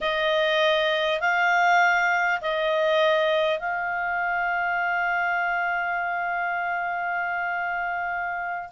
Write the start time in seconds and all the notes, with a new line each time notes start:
0.00 D#5
1.20 F5
2.41 D#5
3.59 F5